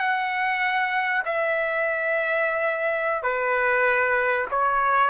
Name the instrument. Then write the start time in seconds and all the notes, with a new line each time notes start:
trumpet
0.00 F#5
1.26 E5
3.23 B4
4.51 C#5